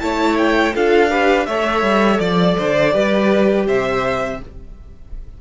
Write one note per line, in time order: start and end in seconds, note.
0.00 0.74 A3
0.00 0.73 E4
0.00 0.75 C#5
0.00 0.37 A5
0.38 0.75 G5
0.75 1.48 D4
0.75 1.10 F4
0.75 1.11 A4
0.75 1.46 F5
1.10 1.47 G4
1.10 1.48 B4
1.46 1.83 A3
1.46 2.92 A4
1.46 2.21 C#5
1.46 2.19 E5
1.83 2.19 G3
2.19 2.56 F3
2.19 3.66 D5
2.19 2.58 D5
2.58 2.95 D3
2.58 2.94 C5
2.92 3.67 G3
2.92 4.38 G4
2.92 3.67 B4
3.67 4.41 C3
3.67 4.41 C5
3.67 4.42 E5